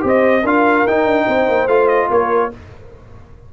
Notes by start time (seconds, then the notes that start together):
0.00 C4 G4 C5
0.07 D#5
0.42 D4 F4 A#4 F5
0.86 D#4 G5
1.05 D4
1.27 C4 C5
1.48 A#3
1.67 A3 F4 F5
1.87 D#5
2.09 A#3 A#4 C#5